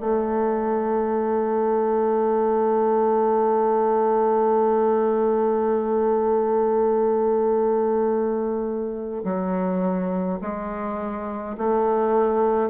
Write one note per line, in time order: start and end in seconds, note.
0.00 9.23 A3
9.24 10.39 F#3
10.41 11.56 G#3
11.58 12.70 A3